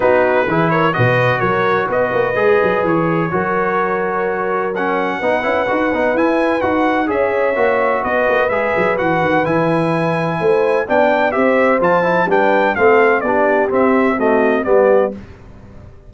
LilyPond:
<<
  \new Staff \with { instrumentName = "trumpet" } { \time 4/4 \tempo 4 = 127 b'4. cis''8 dis''4 cis''4 | dis''2 cis''2~ | cis''2 fis''2~ | fis''4 gis''4 fis''4 e''4~ |
e''4 dis''4 e''4 fis''4 | gis''2. g''4 | e''4 a''4 g''4 f''4 | d''4 e''4 dis''4 d''4 | }
  \new Staff \with { instrumentName = "horn" } { \time 4/4 fis'4 gis'8 ais'8 b'4 ais'4 | b'2. ais'4~ | ais'2. b'4~ | b'2. cis''4~ |
cis''4 b'2.~ | b'2 c''4 d''4 | c''2 b'4 a'4 | g'2 fis'4 g'4 | }
  \new Staff \with { instrumentName = "trombone" } { \time 4/4 dis'4 e'4 fis'2~ | fis'4 gis'2 fis'4~ | fis'2 cis'4 dis'8 e'8 | fis'8 dis'8 e'4 fis'4 gis'4 |
fis'2 gis'4 fis'4 | e'2. d'4 | g'4 f'8 e'8 d'4 c'4 | d'4 c'4 a4 b4 | }
  \new Staff \with { instrumentName = "tuba" } { \time 4/4 b4 e4 b,4 fis4 | b8 ais8 gis8 fis8 e4 fis4~ | fis2. b8 cis'8 | dis'8 b8 e'4 dis'4 cis'4 |
ais4 b8 ais8 gis8 fis8 e8 dis8 | e2 a4 b4 | c'4 f4 g4 a4 | b4 c'2 g4 | }
>>